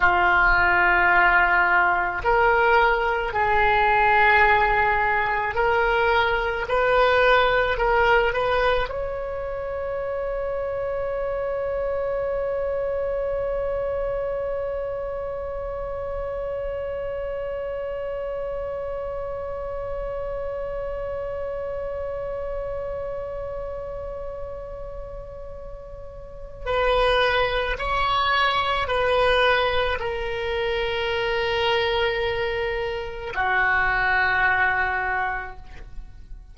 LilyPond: \new Staff \with { instrumentName = "oboe" } { \time 4/4 \tempo 4 = 54 f'2 ais'4 gis'4~ | gis'4 ais'4 b'4 ais'8 b'8 | cis''1~ | cis''1~ |
cis''1~ | cis''1 | b'4 cis''4 b'4 ais'4~ | ais'2 fis'2 | }